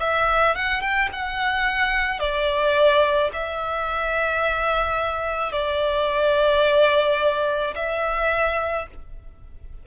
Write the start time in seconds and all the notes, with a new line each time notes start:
0.00 E5
0.56 F#5
0.81 G5
1.13 F#5
2.20 D5
3.33 E5
5.53 D5
7.76 E5